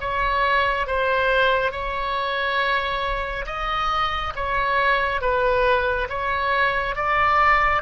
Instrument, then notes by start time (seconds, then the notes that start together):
oboe
0.00 C#5
0.86 C5
1.71 C#5
3.46 D#5
4.35 C#5
5.21 B4
6.09 C#5
6.95 D5